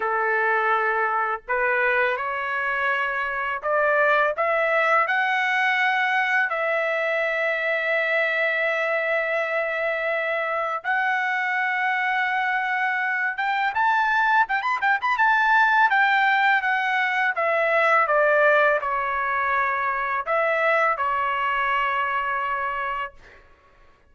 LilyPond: \new Staff \with { instrumentName = "trumpet" } { \time 4/4 \tempo 4 = 83 a'2 b'4 cis''4~ | cis''4 d''4 e''4 fis''4~ | fis''4 e''2.~ | e''2. fis''4~ |
fis''2~ fis''8 g''8 a''4 | g''16 b''16 g''16 b''16 a''4 g''4 fis''4 | e''4 d''4 cis''2 | e''4 cis''2. | }